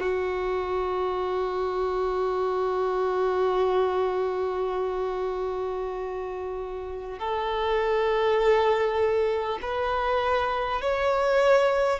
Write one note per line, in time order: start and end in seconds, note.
0.00 7.19 F#4
7.19 9.59 A4
9.62 10.82 B4
10.82 11.99 C#5